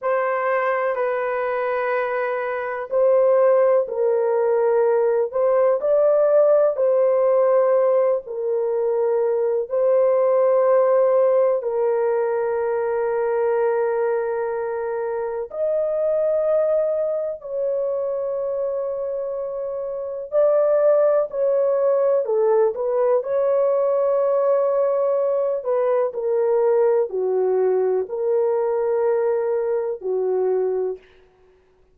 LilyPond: \new Staff \with { instrumentName = "horn" } { \time 4/4 \tempo 4 = 62 c''4 b'2 c''4 | ais'4. c''8 d''4 c''4~ | c''8 ais'4. c''2 | ais'1 |
dis''2 cis''2~ | cis''4 d''4 cis''4 a'8 b'8 | cis''2~ cis''8 b'8 ais'4 | fis'4 ais'2 fis'4 | }